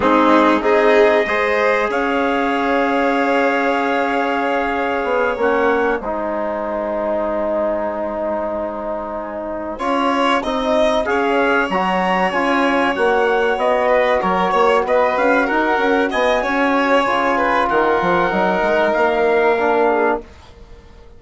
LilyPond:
<<
  \new Staff \with { instrumentName = "trumpet" } { \time 4/4 \tempo 4 = 95 gis'4 dis''2 f''4~ | f''1~ | f''8 fis''4 gis''2~ gis''8~ | gis''1~ |
gis''4. f''4 ais''4 gis''8~ | gis''8 fis''4 dis''4 cis''4 dis''8 | f''8 fis''4 gis''2~ gis''8 | fis''2 f''2 | }
  \new Staff \with { instrumentName = "violin" } { \time 4/4 dis'4 gis'4 c''4 cis''4~ | cis''1~ | cis''4. c''2~ c''8~ | c''2.~ c''8 cis''8~ |
cis''8 dis''4 cis''2~ cis''8~ | cis''2 b'8 ais'8 cis''8 b'8~ | b'8 ais'4 dis''8 cis''4. b'8 | ais'2.~ ais'8 gis'8 | }
  \new Staff \with { instrumentName = "trombone" } { \time 4/4 c'4 dis'4 gis'2~ | gis'1~ | gis'8 cis'4 dis'2~ dis'8~ | dis'2.~ dis'8 f'8~ |
f'8 dis'4 gis'4 fis'4 f'8~ | f'8 fis'2.~ fis'8~ | fis'2. f'4~ | f'4 dis'2 d'4 | }
  \new Staff \with { instrumentName = "bassoon" } { \time 4/4 gis4 c'4 gis4 cis'4~ | cis'1 | b8 ais4 gis2~ gis8~ | gis2.~ gis8 cis'8~ |
cis'8 c'4 cis'4 fis4 cis'8~ | cis'8 ais4 b4 fis8 ais8 b8 | cis'8 dis'8 cis'8 b8 cis'4 cis4 | dis8 f8 fis8 gis8 ais2 | }
>>